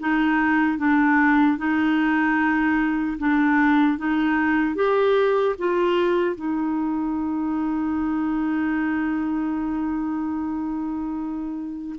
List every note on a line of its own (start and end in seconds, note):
0.00 0.78 D#4
0.78 1.57 D4
1.57 3.17 D#4
3.19 3.98 D4
3.98 4.76 D#4
4.76 5.56 G4
5.59 6.36 F4
6.36 11.96 D#4